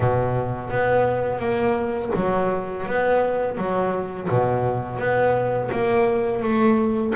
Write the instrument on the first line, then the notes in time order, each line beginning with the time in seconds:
double bass
0.00 B2
0.70 B3
1.39 A#3
2.15 F#3
2.86 B3
3.57 F#3
4.29 B2
4.98 B3
5.71 A#3
6.42 A3